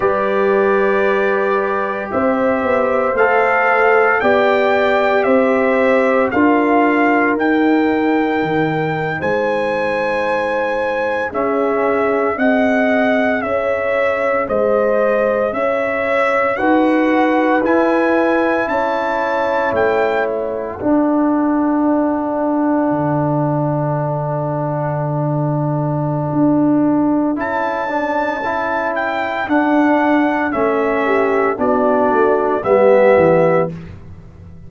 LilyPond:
<<
  \new Staff \with { instrumentName = "trumpet" } { \time 4/4 \tempo 4 = 57 d''2 e''4 f''4 | g''4 e''4 f''4 g''4~ | g''8. gis''2 e''4 fis''16~ | fis''8. e''4 dis''4 e''4 fis''16~ |
fis''8. gis''4 a''4 g''8 fis''8.~ | fis''1~ | fis''2 a''4. g''8 | fis''4 e''4 d''4 e''4 | }
  \new Staff \with { instrumentName = "horn" } { \time 4/4 b'2 c''2 | d''4 c''4 ais'2~ | ais'8. c''2 gis'4 dis''16~ | dis''8. cis''4 c''4 cis''4 b'16~ |
b'4.~ b'16 cis''2 a'16~ | a'1~ | a'1~ | a'4. g'8 fis'4 g'4 | }
  \new Staff \with { instrumentName = "trombone" } { \time 4/4 g'2. a'4 | g'2 f'4 dis'4~ | dis'2~ dis'8. cis'4 gis'16~ | gis'2.~ gis'8. fis'16~ |
fis'8. e'2. d'16~ | d'1~ | d'2 e'8 d'8 e'4 | d'4 cis'4 d'4 b4 | }
  \new Staff \with { instrumentName = "tuba" } { \time 4/4 g2 c'8 b8 a4 | b4 c'4 d'4 dis'4 | dis8. gis2 cis'4 c'16~ | c'8. cis'4 gis4 cis'4 dis'16~ |
dis'8. e'4 cis'4 a4 d'16~ | d'4.~ d'16 d2~ d16~ | d4 d'4 cis'2 | d'4 a4 b8 a8 g8 e8 | }
>>